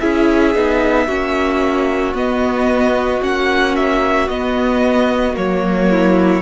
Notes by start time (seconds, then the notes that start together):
0.00 C#4 E4 G#4 E5
0.55 B3 D#4
1.07 A#3 C#4 F#4
2.14 B3 D#5
3.22 A#3 C#4 F#5
3.76 E5
4.29 B3 D#5
5.34 F#3 A#3 C#5
5.91 E4